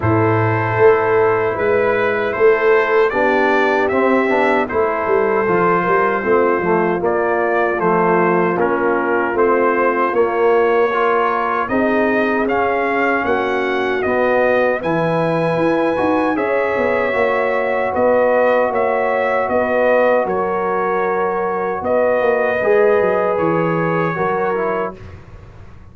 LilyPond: <<
  \new Staff \with { instrumentName = "trumpet" } { \time 4/4 \tempo 4 = 77 c''2 b'4 c''4 | d''4 e''4 c''2~ | c''4 d''4 c''4 ais'4 | c''4 cis''2 dis''4 |
f''4 fis''4 dis''4 gis''4~ | gis''4 e''2 dis''4 | e''4 dis''4 cis''2 | dis''2 cis''2 | }
  \new Staff \with { instrumentName = "horn" } { \time 4/4 a'2 b'4 a'4 | g'2 a'4. ais'8 | f'1~ | f'2 ais'4 gis'4~ |
gis'4 fis'2 b'4~ | b'4 cis''2 b'4 | cis''4 b'4 ais'2 | b'2. ais'4 | }
  \new Staff \with { instrumentName = "trombone" } { \time 4/4 e'1 | d'4 c'8 d'8 e'4 f'4 | c'8 a8 ais4 a4 cis'4 | c'4 ais4 f'4 dis'4 |
cis'2 b4 e'4~ | e'8 fis'8 gis'4 fis'2~ | fis'1~ | fis'4 gis'2 fis'8 e'8 | }
  \new Staff \with { instrumentName = "tuba" } { \time 4/4 a,4 a4 gis4 a4 | b4 c'8 b8 a8 g8 f8 g8 | a8 f8 ais4 f4 ais4 | a4 ais2 c'4 |
cis'4 ais4 b4 e4 | e'8 dis'8 cis'8 b8 ais4 b4 | ais4 b4 fis2 | b8 ais8 gis8 fis8 e4 fis4 | }
>>